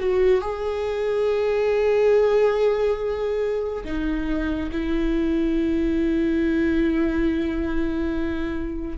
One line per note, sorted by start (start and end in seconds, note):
0.00 0.42 F#4
0.42 3.85 G#4
3.85 4.71 D#4
4.72 8.98 E4